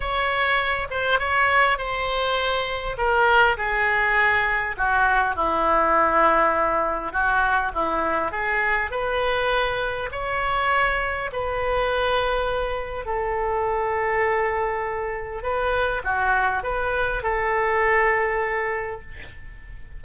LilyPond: \new Staff \with { instrumentName = "oboe" } { \time 4/4 \tempo 4 = 101 cis''4. c''8 cis''4 c''4~ | c''4 ais'4 gis'2 | fis'4 e'2. | fis'4 e'4 gis'4 b'4~ |
b'4 cis''2 b'4~ | b'2 a'2~ | a'2 b'4 fis'4 | b'4 a'2. | }